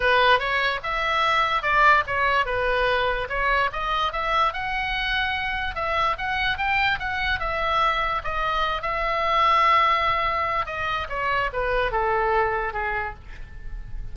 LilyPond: \new Staff \with { instrumentName = "oboe" } { \time 4/4 \tempo 4 = 146 b'4 cis''4 e''2 | d''4 cis''4 b'2 | cis''4 dis''4 e''4 fis''4~ | fis''2 e''4 fis''4 |
g''4 fis''4 e''2 | dis''4. e''2~ e''8~ | e''2 dis''4 cis''4 | b'4 a'2 gis'4 | }